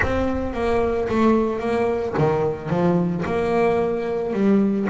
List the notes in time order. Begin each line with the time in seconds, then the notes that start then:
0.02 C4
0.53 A#3
1.08 A3
1.59 A#3
2.17 D#3
2.69 F3
3.25 A#3
4.33 G3